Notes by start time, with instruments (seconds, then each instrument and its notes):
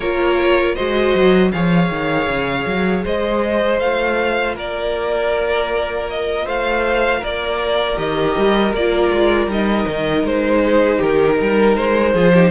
0.00 cello A#3, viola F4, violin A#4 C#5
0.74 cello G#3, viola F#4, violin C5 D#5
1.14 cello F#3
1.52 cello F3, viola G#4, violin C#5 F5
1.89 cello D#3
2.28 cello C#3
2.66 cello F#3
3.04 cello G#3, violin C5 D#5
3.79 cello A3, viola F4, violin F5
4.55 cello A#3, violin A#4 D5
6.09 violin D#5
6.45 cello A3, violin C5 F5
7.19 cello A#3, violin A#4 D5
7.96 cello D#3, viola G4, violin D#5
8.37 cello G3
8.73 cello A#3, viola F4, violin D5
9.12 cello G#3
9.47 cello G3, viola D#4, violin D#5
9.87 cello D#3
10.23 cello G#3, violin C5
10.65 violin G#4
10.97 cello D#3, violin G4 A#4
11.40 cello G3, violin A#4
11.75 cello G#3, violin C5
12.13 cello F3, viola F4, violin G#4
12.33 viola D#4, violin G4